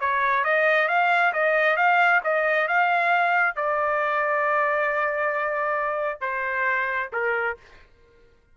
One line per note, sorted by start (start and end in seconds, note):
0.00 0.44 C#5
0.44 0.88 D#5
0.88 1.32 F5
1.33 1.76 D#5
1.76 2.21 F5
2.24 2.67 D#5
2.67 3.55 F5
3.55 6.20 D5
6.20 7.09 C5
7.12 7.57 A#4